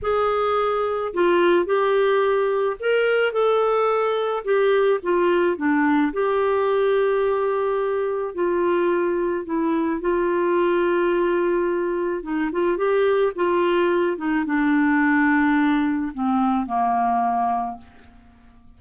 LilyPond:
\new Staff \with { instrumentName = "clarinet" } { \time 4/4 \tempo 4 = 108 gis'2 f'4 g'4~ | g'4 ais'4 a'2 | g'4 f'4 d'4 g'4~ | g'2. f'4~ |
f'4 e'4 f'2~ | f'2 dis'8 f'8 g'4 | f'4. dis'8 d'2~ | d'4 c'4 ais2 | }